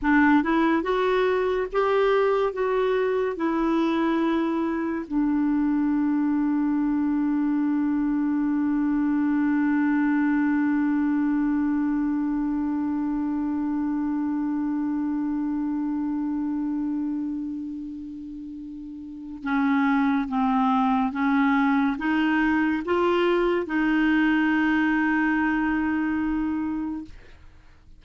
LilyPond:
\new Staff \with { instrumentName = "clarinet" } { \time 4/4 \tempo 4 = 71 d'8 e'8 fis'4 g'4 fis'4 | e'2 d'2~ | d'1~ | d'1~ |
d'1~ | d'2. cis'4 | c'4 cis'4 dis'4 f'4 | dis'1 | }